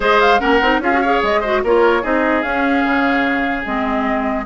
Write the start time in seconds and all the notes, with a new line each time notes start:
0.00 G#3 G#4 C5 D#5
0.20 F5
0.39 A#3 C#4 A#4 F#5
0.61 C4 D#4
0.79 C#4 F4 G#4 F5
0.92 F#4
1.01 G#4 C#5
1.22 G#3 D#5
1.41 F#4 C5
1.63 A#3 F4 A#4 C#5
2.02 C4 D#4 G#4 D#5
2.42 C#4 F5
2.84 C#3
3.64 G#3 C4 D#5